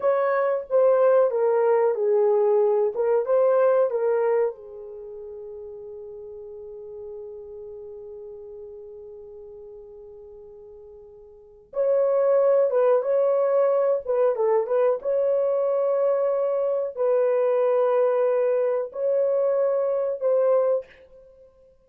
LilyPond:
\new Staff \with { instrumentName = "horn" } { \time 4/4 \tempo 4 = 92 cis''4 c''4 ais'4 gis'4~ | gis'8 ais'8 c''4 ais'4 gis'4~ | gis'1~ | gis'1~ |
gis'2 cis''4. b'8 | cis''4. b'8 a'8 b'8 cis''4~ | cis''2 b'2~ | b'4 cis''2 c''4 | }